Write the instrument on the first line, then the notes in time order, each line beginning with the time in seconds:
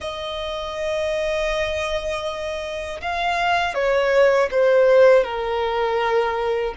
violin
0.00 D#5
3.01 F5
3.74 C#5
4.51 C5
5.24 A#4